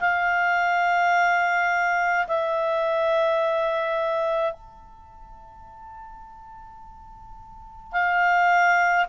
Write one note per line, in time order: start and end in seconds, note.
0.00 2.26 F5
2.27 4.53 E5
4.53 7.92 A5
7.92 9.06 F5